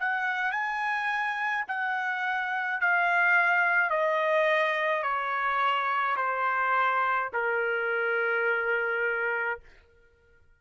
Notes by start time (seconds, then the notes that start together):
0.00 F#5
0.51 G#5
1.68 F#5
2.81 F5
3.90 D#5
5.03 C#5
6.16 C5
7.33 A#4